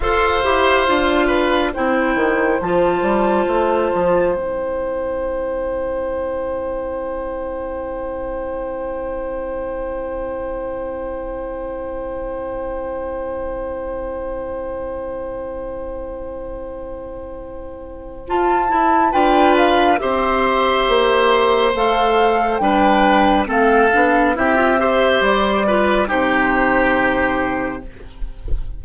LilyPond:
<<
  \new Staff \with { instrumentName = "flute" } { \time 4/4 \tempo 4 = 69 f''2 g''4 a''4~ | a''4 g''2.~ | g''1~ | g''1~ |
g''1~ | g''4 a''4 g''8 f''8 e''4~ | e''4 f''4 g''4 f''4 | e''4 d''4 c''2 | }
  \new Staff \with { instrumentName = "oboe" } { \time 4/4 c''4. b'8 c''2~ | c''1~ | c''1~ | c''1~ |
c''1~ | c''2 b'4 c''4~ | c''2 b'4 a'4 | g'8 c''4 b'8 g'2 | }
  \new Staff \with { instrumentName = "clarinet" } { \time 4/4 a'8 g'8 f'4 e'4 f'4~ | f'4 e'2.~ | e'1~ | e'1~ |
e'1~ | e'4 f'8 e'8 f'4 g'4~ | g'4 a'4 d'4 c'8 d'8 | e'16 f'16 g'4 f'8 dis'2 | }
  \new Staff \with { instrumentName = "bassoon" } { \time 4/4 f'8 e'8 d'4 c'8 dis8 f8 g8 | a8 f8 c'2.~ | c'1~ | c'1~ |
c'1~ | c'4 f'8 e'8 d'4 c'4 | ais4 a4 g4 a8 b8 | c'4 g4 c2 | }
>>